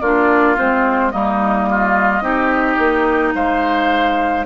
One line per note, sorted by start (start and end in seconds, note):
0.00 0.57 A#3
0.00 0.56 D4
0.00 1.12 F4
0.00 0.56 D5
0.56 1.13 G#3
0.56 1.11 C4
0.56 1.11 C5
1.11 2.21 G3
1.11 2.22 A#3
1.11 1.69 D#4
1.11 3.33 D#5
1.70 2.23 F4
2.21 2.77 C4
2.21 4.44 D#4
2.21 3.34 G4
2.78 3.34 A#3
3.34 4.45 G#3
3.34 4.45 C5
3.34 4.45 F5